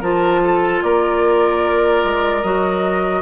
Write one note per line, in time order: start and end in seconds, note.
0.00 0.81 F3
0.00 2.42 F4
0.00 0.40 A#4
0.00 0.82 A5
0.43 0.83 A4
0.82 2.03 A#3
0.82 3.22 A#4
0.82 2.42 D5
2.04 2.43 G#3
2.42 3.22 F#3
2.42 3.22 F#4
2.42 3.22 D#5